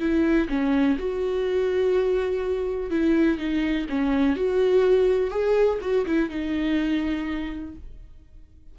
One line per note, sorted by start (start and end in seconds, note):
0.00 0.48 E4
0.49 0.98 C#4
0.99 2.91 F#4
2.91 3.39 E4
3.39 3.87 D#4
3.90 4.37 C#4
4.37 5.31 F#4
5.31 5.79 G#4
5.82 6.06 F#4
6.06 6.30 E4
6.30 7.75 D#4